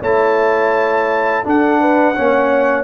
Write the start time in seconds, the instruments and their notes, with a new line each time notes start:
0.00 tuba A3, trombone E4, horn C#5, trumpet A5
1.43 trombone D4, tuba D4, horn A4, trumpet F#5
1.81 horn B4
2.15 tuba A#3, trombone C#4, horn C#5